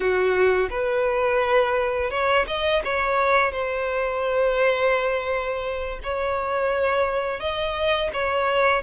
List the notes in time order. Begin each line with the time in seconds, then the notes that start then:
0.00 F#4
0.70 B4
2.10 C#5
2.47 D#5
2.84 C#5
3.52 C5
6.03 C#5
7.39 D#5
8.13 C#5